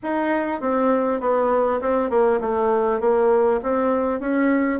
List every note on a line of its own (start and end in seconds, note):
0.02 0.60 D#4
0.60 1.20 C4
1.20 1.80 B3
1.81 2.10 C4
2.10 2.40 A#3
2.40 3.00 A3
3.00 3.60 A#3
3.62 4.20 C4
4.20 4.79 C#4